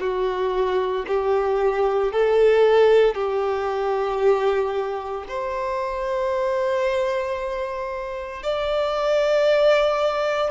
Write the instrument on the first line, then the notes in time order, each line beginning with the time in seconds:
violin
0.00 F#4
1.07 G4
2.12 A4
3.14 G4
5.28 C5
8.43 D5